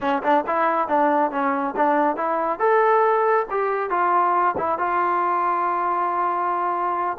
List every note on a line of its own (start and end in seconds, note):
0.00 0.22 C#4
0.22 0.44 D4
0.46 0.88 E4
0.88 1.31 D4
1.31 1.74 C#4
1.76 2.16 D4
2.16 2.59 E4
2.59 3.46 A4
3.50 3.90 G4
3.90 4.55 F4
4.57 4.78 E4
4.78 7.17 F4